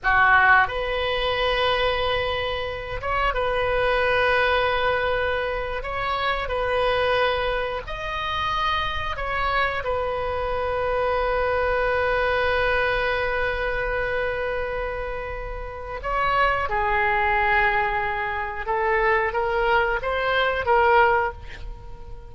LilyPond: \new Staff \with { instrumentName = "oboe" } { \time 4/4 \tempo 4 = 90 fis'4 b'2.~ | b'8 cis''8 b'2.~ | b'8. cis''4 b'2 dis''16~ | dis''4.~ dis''16 cis''4 b'4~ b'16~ |
b'1~ | b'1 | cis''4 gis'2. | a'4 ais'4 c''4 ais'4 | }